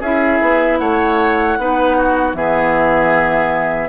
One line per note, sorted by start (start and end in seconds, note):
0.00 0.39 C#4
0.00 1.59 E4
0.00 0.78 G#4
0.00 0.78 E5
0.41 0.79 B3
0.78 1.57 A3
0.78 1.58 C#5
0.78 2.34 F#5
1.58 2.33 B3
1.58 2.34 D#4
1.58 1.97 B4
1.97 2.36 F#4
2.33 3.89 E3
2.33 3.89 B3
2.33 3.89 G#4
2.33 3.89 E5